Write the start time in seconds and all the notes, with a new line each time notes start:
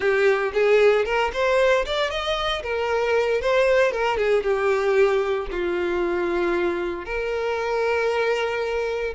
0.00 G4
0.53 G#4
1.05 A#4
1.33 C5
1.85 D5
2.10 D#5
2.63 A#4
3.41 C5
3.91 A#4
4.17 G#4
4.43 G4
5.51 F4
7.05 A#4